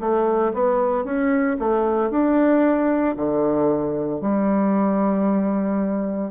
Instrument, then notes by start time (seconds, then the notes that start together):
bassoon
0.00 A3
0.54 B3
1.04 C#4
1.59 A3
2.11 D4
3.16 D3
4.21 G3